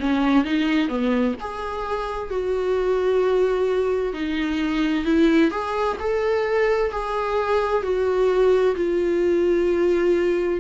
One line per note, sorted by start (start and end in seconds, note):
0.00 0.44 C#4
0.44 0.89 D#4
0.89 1.35 B3
1.41 2.30 G#4
2.30 4.13 F#4
4.13 5.05 D#4
5.05 5.50 E4
5.50 5.97 G#4
6.00 6.91 A4
6.91 7.83 G#4
7.83 8.75 F#4
8.76 10.60 F4